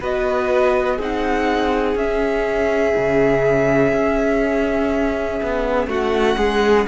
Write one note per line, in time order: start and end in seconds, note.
0.00 0.99 B3
0.00 0.99 F#4
0.00 0.96 B4
0.00 1.01 D#5
0.96 1.95 C4
0.96 1.98 D#4
0.96 5.87 G#4
0.96 1.97 F#5
1.95 2.93 C#4
1.95 6.87 C#4
1.95 5.89 E5
2.96 3.92 C#3
3.92 5.40 C#4
5.42 5.87 B3
5.87 6.36 A3
5.87 6.37 F#4
5.87 6.87 F#5
6.37 6.86 G#3
6.37 6.86 G#4